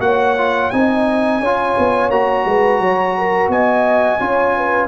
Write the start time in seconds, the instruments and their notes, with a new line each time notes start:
0.00 tuba A#3, trombone F#4, horn C#5, trumpet F#5
0.38 trombone F4
0.71 tuba C4, trombone D#4, horn D#5, trumpet G#5
1.40 tuba C#4, trombone F4, horn C#5
1.78 tuba B3
2.10 tuba A#3, trombone F#4, trumpet A#5
2.46 tuba G#3, horn B4
2.80 tuba F#3, horn C#5
3.18 horn A#4
3.49 tuba B3, horn D#5, trumpet G#5
4.20 tuba C#4, trombone F4, horn C#5
4.57 horn B4